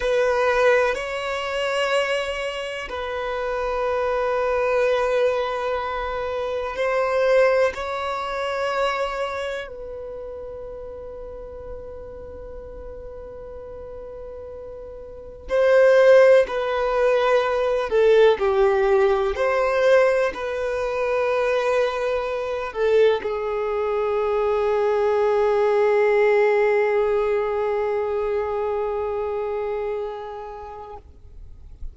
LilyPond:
\new Staff \with { instrumentName = "violin" } { \time 4/4 \tempo 4 = 62 b'4 cis''2 b'4~ | b'2. c''4 | cis''2 b'2~ | b'1 |
c''4 b'4. a'8 g'4 | c''4 b'2~ b'8 a'8 | gis'1~ | gis'1 | }